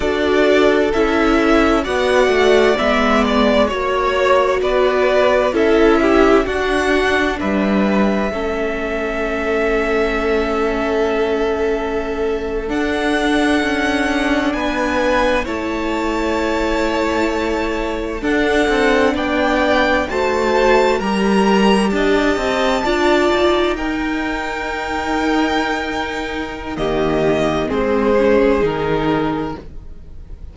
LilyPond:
<<
  \new Staff \with { instrumentName = "violin" } { \time 4/4 \tempo 4 = 65 d''4 e''4 fis''4 e''8 d''8 | cis''4 d''4 e''4 fis''4 | e''1~ | e''4.~ e''16 fis''2 gis''16~ |
gis''8. a''2. fis''16~ | fis''8. g''4 a''4 ais''4 a''16~ | a''4.~ a''16 g''2~ g''16~ | g''4 dis''4 c''4 ais'4 | }
  \new Staff \with { instrumentName = "violin" } { \time 4/4 a'2 d''2 | cis''4 b'4 a'8 g'8 fis'4 | b'4 a'2.~ | a'2.~ a'8. b'16~ |
b'8. cis''2. a'16~ | a'8. d''4 c''4 ais'4 dis''16~ | dis''8. d''4 ais'2~ ais'16~ | ais'4 g'4 gis'2 | }
  \new Staff \with { instrumentName = "viola" } { \time 4/4 fis'4 e'4 fis'4 b4 | fis'2 e'4 d'4~ | d'4 cis'2.~ | cis'4.~ cis'16 d'2~ d'16~ |
d'8. e'2. d'16~ | d'4.~ d'16 fis'4 g'4~ g'16~ | g'8. f'4 dis'2~ dis'16~ | dis'4 ais4 c'8 cis'8 dis'4 | }
  \new Staff \with { instrumentName = "cello" } { \time 4/4 d'4 cis'4 b8 a8 gis4 | ais4 b4 cis'4 d'4 | g4 a2.~ | a4.~ a16 d'4 cis'4 b16~ |
b8. a2. d'16~ | d'16 c'8 b4 a4 g4 d'16~ | d'16 c'8 d'8 dis'2~ dis'8.~ | dis'4 dis4 gis4 dis4 | }
>>